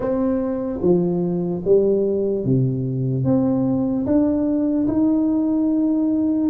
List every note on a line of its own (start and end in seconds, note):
0.00 0.80 C4
0.81 1.62 F3
1.64 2.45 G3
2.45 3.24 C3
3.24 4.05 C4
4.05 4.86 D4
4.87 6.49 D#4